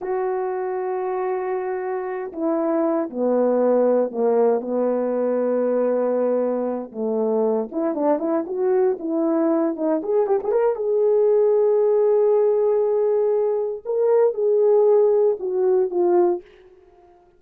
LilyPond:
\new Staff \with { instrumentName = "horn" } { \time 4/4 \tempo 4 = 117 fis'1~ | fis'8 e'4. b2 | ais4 b2.~ | b4. a4. e'8 d'8 |
e'8 fis'4 e'4. dis'8 gis'8 | g'16 gis'16 ais'8 gis'2.~ | gis'2. ais'4 | gis'2 fis'4 f'4 | }